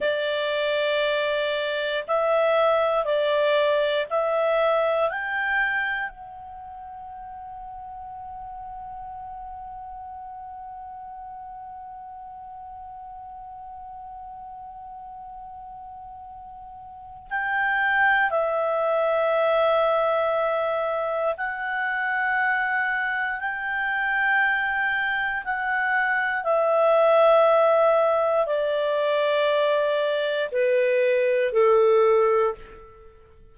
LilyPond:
\new Staff \with { instrumentName = "clarinet" } { \time 4/4 \tempo 4 = 59 d''2 e''4 d''4 | e''4 g''4 fis''2~ | fis''1~ | fis''1~ |
fis''4 g''4 e''2~ | e''4 fis''2 g''4~ | g''4 fis''4 e''2 | d''2 b'4 a'4 | }